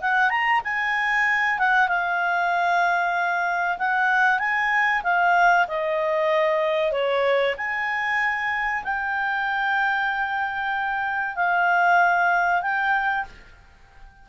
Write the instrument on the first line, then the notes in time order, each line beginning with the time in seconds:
clarinet
0.00 F#5
0.29 A#5
0.64 G#5
1.58 F#5
1.88 F5
3.78 F#5
4.39 G#5
5.03 F5
5.67 D#5
6.92 C#5
7.57 G#5
8.84 G5
11.35 F5
12.61 G5